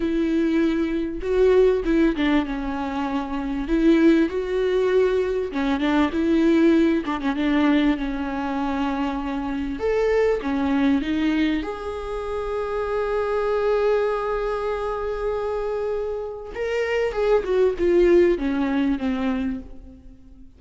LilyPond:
\new Staff \with { instrumentName = "viola" } { \time 4/4 \tempo 4 = 98 e'2 fis'4 e'8 d'8 | cis'2 e'4 fis'4~ | fis'4 cis'8 d'8 e'4. d'16 cis'16 | d'4 cis'2. |
a'4 cis'4 dis'4 gis'4~ | gis'1~ | gis'2. ais'4 | gis'8 fis'8 f'4 cis'4 c'4 | }